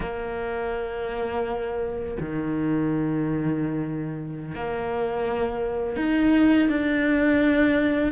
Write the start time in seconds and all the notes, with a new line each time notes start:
0.00 A#3
2.19 D#3
4.54 A#3
5.96 D#4
6.69 D4